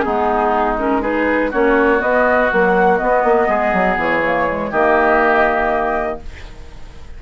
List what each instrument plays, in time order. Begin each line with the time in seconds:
0.00 clarinet B3, oboe D#4, flute G#4
0.06 bassoon G#3
0.77 clarinet C#4, flute A#4
1.01 clarinet D#4, oboe G#4, flute B4
1.51 bassoon A#3, clarinet C#4, oboe F#4, flute C#5
1.98 clarinet B3, bassoon B3, flute D#5
2.51 clarinet F#3, bassoon A#3, flute F#5
2.97 clarinet B3, bassoon B3, flute D#5
3.24 bassoon A#3
3.48 bassoon G#3, oboe G#4
3.73 bassoon F#3
3.97 bassoon E3, flute C#5
4.23 clarinet A#3
4.47 clarinet G#3
4.70 bassoon D#3, clarinet A#3, oboe G4, flute D#5